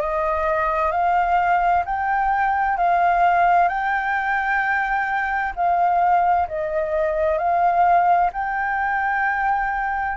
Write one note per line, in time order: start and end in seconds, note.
0.00 0.91 D#5
0.91 1.83 F5
1.85 2.77 G5
2.77 3.68 F5
3.68 5.53 G5
5.55 6.47 F5
6.48 7.38 D#5
7.38 8.30 F5
8.32 10.17 G5